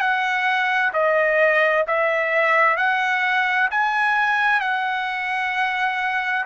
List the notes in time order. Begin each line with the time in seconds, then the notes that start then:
0.00 F#5
0.93 D#5
1.87 E5
2.77 F#5
3.71 G#5
4.61 F#5